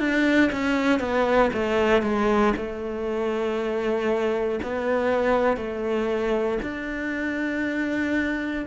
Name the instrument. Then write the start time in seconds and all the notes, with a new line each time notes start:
cello
0.00 D4
0.52 C#4
1.00 B3
1.53 A3
2.02 G#3
2.57 A3
4.63 B3
5.57 A3
6.62 D4